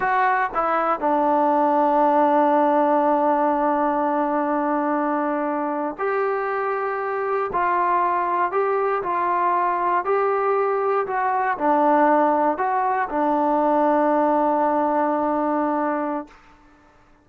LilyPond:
\new Staff \with { instrumentName = "trombone" } { \time 4/4 \tempo 4 = 118 fis'4 e'4 d'2~ | d'1~ | d'2.~ d'8. g'16~ | g'2~ g'8. f'4~ f'16~ |
f'8. g'4 f'2 g'16~ | g'4.~ g'16 fis'4 d'4~ d'16~ | d'8. fis'4 d'2~ d'16~ | d'1 | }